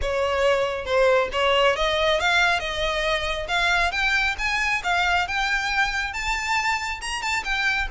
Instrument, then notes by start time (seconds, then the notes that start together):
violin
0.01 C#5
0.85 C5
1.32 C#5
1.76 D#5
2.20 F5
2.59 D#5
3.48 F5
3.91 G5
4.38 G#5
4.83 F5
5.27 G5
6.13 A5
7.01 A#5
7.21 A5
7.44 G5